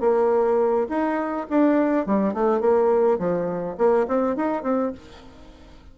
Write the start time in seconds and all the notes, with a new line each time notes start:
0.00 A#3
0.89 D#4
1.49 D4
2.06 G3
2.34 A3
2.60 A#3
3.18 F3
3.77 A#3
4.08 C4
4.36 D#4
4.63 C4